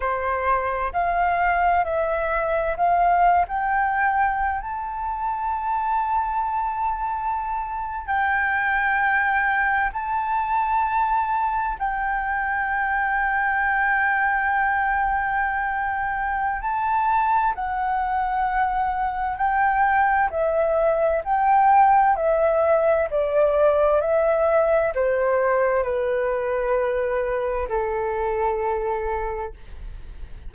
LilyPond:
\new Staff \with { instrumentName = "flute" } { \time 4/4 \tempo 4 = 65 c''4 f''4 e''4 f''8. g''16~ | g''4 a''2.~ | a''8. g''2 a''4~ a''16~ | a''8. g''2.~ g''16~ |
g''2 a''4 fis''4~ | fis''4 g''4 e''4 g''4 | e''4 d''4 e''4 c''4 | b'2 a'2 | }